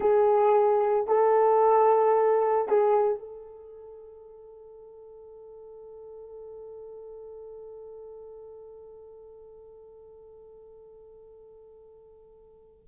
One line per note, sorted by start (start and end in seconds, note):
0.00 1.07 G#4
1.07 2.68 A4
2.68 3.19 G#4
3.19 12.83 A4